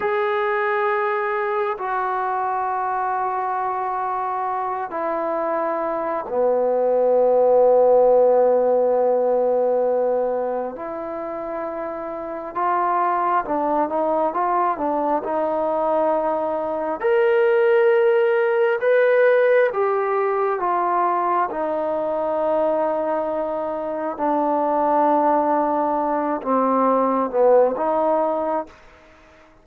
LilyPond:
\new Staff \with { instrumentName = "trombone" } { \time 4/4 \tempo 4 = 67 gis'2 fis'2~ | fis'4. e'4. b4~ | b1 | e'2 f'4 d'8 dis'8 |
f'8 d'8 dis'2 ais'4~ | ais'4 b'4 g'4 f'4 | dis'2. d'4~ | d'4. c'4 b8 dis'4 | }